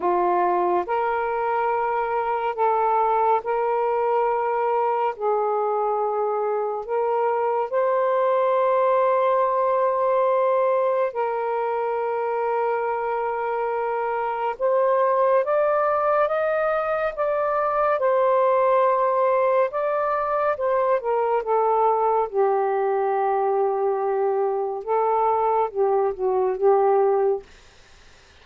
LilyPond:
\new Staff \with { instrumentName = "saxophone" } { \time 4/4 \tempo 4 = 70 f'4 ais'2 a'4 | ais'2 gis'2 | ais'4 c''2.~ | c''4 ais'2.~ |
ais'4 c''4 d''4 dis''4 | d''4 c''2 d''4 | c''8 ais'8 a'4 g'2~ | g'4 a'4 g'8 fis'8 g'4 | }